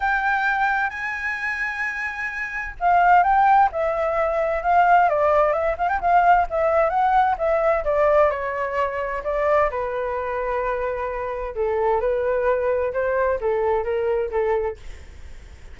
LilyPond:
\new Staff \with { instrumentName = "flute" } { \time 4/4 \tempo 4 = 130 g''2 gis''2~ | gis''2 f''4 g''4 | e''2 f''4 d''4 | e''8 f''16 g''16 f''4 e''4 fis''4 |
e''4 d''4 cis''2 | d''4 b'2.~ | b'4 a'4 b'2 | c''4 a'4 ais'4 a'4 | }